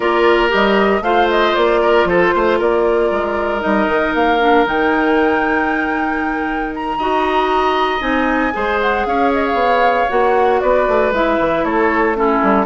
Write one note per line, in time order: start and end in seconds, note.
0.00 0.51 A#3
0.00 0.49 F4
0.00 1.03 A#4
0.00 0.50 D5
0.49 1.00 G3
0.49 1.00 G4
0.49 1.03 D#5
1.00 1.52 A3
1.00 3.60 F4
1.00 1.81 C5
1.00 1.28 F5
1.30 1.55 D#5
1.55 2.05 A#3
1.55 2.07 D5
1.81 2.07 A#4
2.05 2.30 F3
2.05 2.34 A4
2.05 2.59 C5
2.35 2.60 A3
2.35 2.58 C5
2.58 3.11 A#3
2.58 6.98 A#4
2.58 3.61 D5
3.11 3.62 G#3
3.60 3.86 G3
3.60 4.38 D#4
3.60 4.13 D#5
3.86 4.12 D#3
4.14 4.66 A#3
4.14 4.66 F5
4.39 4.65 D4
4.65 6.98 D#3
4.65 6.98 D#4
4.65 6.74 G5
6.74 8.01 A#5
6.98 8.01 D#4
6.98 7.99 F#4
6.98 8.53 D#5
7.99 8.52 C4
7.99 8.51 D#4
7.99 8.78 G#5
8.52 9.06 G#3
8.52 10.07 G#4
8.52 9.07 C5
8.81 9.06 F#5
9.06 9.53 C#4
9.06 10.61 C#5
9.06 9.32 F5
9.32 9.45 D#5
9.46 10.09 F5
9.53 10.05 B3
10.08 10.62 A#3
10.08 11.12 F#4
10.08 10.60 F#5
10.60 10.87 B3
10.60 11.65 B4
10.60 11.12 D5
10.88 11.11 A3
11.11 11.37 G#3
11.11 12.14 E4
11.11 11.64 E5
11.39 11.64 E3
11.64 12.41 A3
11.64 12.16 A4
11.64 12.16 C#5
12.14 12.66 C#4
12.14 12.66 E4
12.14 12.66 A4
12.42 12.66 G3